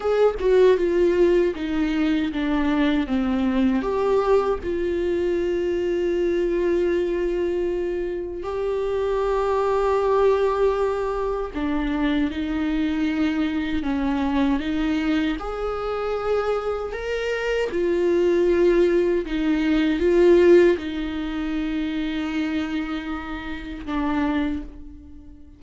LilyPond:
\new Staff \with { instrumentName = "viola" } { \time 4/4 \tempo 4 = 78 gis'8 fis'8 f'4 dis'4 d'4 | c'4 g'4 f'2~ | f'2. g'4~ | g'2. d'4 |
dis'2 cis'4 dis'4 | gis'2 ais'4 f'4~ | f'4 dis'4 f'4 dis'4~ | dis'2. d'4 | }